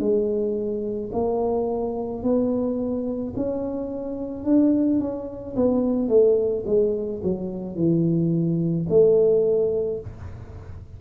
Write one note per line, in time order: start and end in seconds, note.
0.00 1.11 G#3
1.13 2.23 A#3
2.23 3.34 B3
3.36 4.45 C#4
4.45 5.00 D4
5.00 5.56 C#4
5.57 6.09 B3
6.09 6.64 A3
6.67 7.22 G#3
7.24 7.76 F#3
7.76 8.87 E3
8.89 10.01 A3